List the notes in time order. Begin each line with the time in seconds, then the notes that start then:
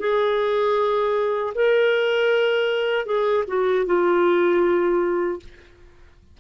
0.00 G#4
1.55 A#4
3.06 G#4
3.48 F#4
3.86 F4